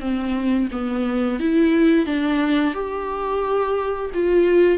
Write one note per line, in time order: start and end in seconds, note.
0.00 0.68 C4
0.71 1.39 B3
1.39 2.06 E4
2.06 2.74 D4
2.74 4.10 G4
4.14 4.78 F4